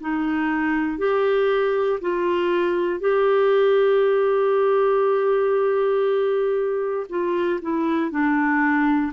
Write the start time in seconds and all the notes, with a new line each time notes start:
0.00 D#4
0.98 G4
2.01 F4
3.00 G4
7.09 F4
7.61 E4
8.10 D4